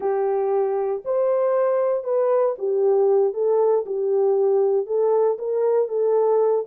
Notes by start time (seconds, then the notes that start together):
0.00 G4
1.04 C5
2.03 B4
2.58 G4
3.33 A4
3.86 G4
4.86 A4
5.38 A#4
5.88 A4